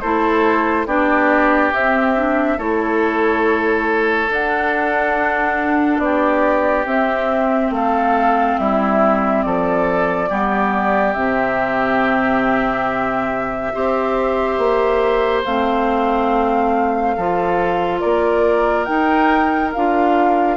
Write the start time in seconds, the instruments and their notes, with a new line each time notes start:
0.00 bassoon A3, clarinet E4, oboe A4, flute C5
0.86 bassoon B3, clarinet D4, oboe G4, flute D5
1.73 bassoon C4, clarinet C4, flute E5
2.16 clarinet D4
2.58 bassoon A3, clarinet E4, oboe A4, flute C#5
4.29 bassoon D4, clarinet D4, flute F#5
5.99 bassoon B3, oboe G4, flute D5
6.85 clarinet C4, bassoon C4, flute E5
7.70 bassoon A3, oboe A4, flute F5
8.58 bassoon G3, oboe E4, flute E5
9.42 bassoon F3, oboe A4, flute D5
10.29 bassoon G3, clarinet B3, oboe G4
11.13 bassoon C3, clarinet C4, flute E5
13.73 bassoon C4, clarinet G4, oboe C5
14.58 bassoon A#3
15.44 bassoon A3, clarinet C4, flute F5
17.16 bassoon F3, clarinet F4, oboe A4
18.00 bassoon A#3, oboe A#4, flute D5
18.85 clarinet D#4, bassoon D#4, flute G5
19.73 bassoon D4, clarinet F4, flute F5